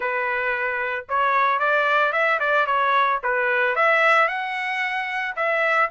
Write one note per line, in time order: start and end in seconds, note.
0.00 1.05 B4
1.09 1.59 C#5
1.59 2.12 D5
2.12 2.39 E5
2.39 2.66 D5
2.66 3.20 C#5
3.23 3.75 B4
3.75 4.28 E5
4.28 5.35 F#5
5.36 5.89 E5